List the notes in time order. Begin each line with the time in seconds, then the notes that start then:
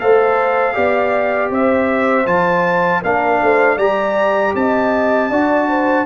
0.00 A3 A4 C5 F5
0.74 B3 G4 D5
1.51 C4 C5 E5
2.27 F3 F4 A5
3.02 A#3 D4 A#4 F5
3.42 A3 C5
3.77 G3 G4 D5 A#5
4.55 C4 D#5 A5
5.30 D4 F#4 D5
5.69 C5